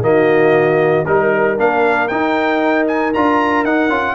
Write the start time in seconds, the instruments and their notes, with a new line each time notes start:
0.00 tuba D#3, trombone A#3, horn F#4, trumpet D#5
1.05 tuba G3, trombone D#4, trumpet A#4, horn A#4
1.57 tuba A#3, trombone D4, trumpet F5
2.08 trombone D#4, tuba D#4, trumpet G5
2.87 trumpet G#5
3.13 tuba D4, trombone F4, trumpet A#5
3.63 tuba D#4, trombone D#4, trumpet F#5
3.88 tuba C#4, trombone F4